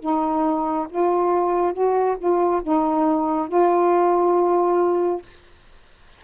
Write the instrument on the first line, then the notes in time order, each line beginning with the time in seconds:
saxophone
0.00 D#4
0.89 F4
1.73 F#4
2.18 F4
2.63 D#4
3.48 F4